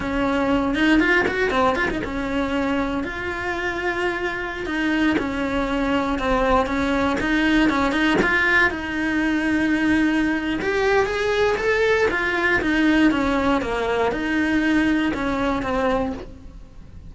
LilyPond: \new Staff \with { instrumentName = "cello" } { \time 4/4 \tempo 4 = 119 cis'4. dis'8 f'8 fis'8 c'8 f'16 dis'16 | cis'2 f'2~ | f'4~ f'16 dis'4 cis'4.~ cis'16~ | cis'16 c'4 cis'4 dis'4 cis'8 dis'16~ |
dis'16 f'4 dis'2~ dis'8.~ | dis'4 g'4 gis'4 a'4 | f'4 dis'4 cis'4 ais4 | dis'2 cis'4 c'4 | }